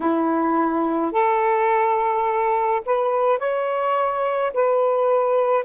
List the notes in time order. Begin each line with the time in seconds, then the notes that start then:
0.00 E4
1.12 A4
2.85 B4
3.39 C#5
4.53 B4